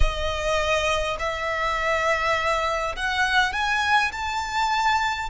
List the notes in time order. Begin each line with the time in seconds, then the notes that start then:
0.00 D#5
1.19 E5
2.96 F#5
3.52 G#5
4.12 A5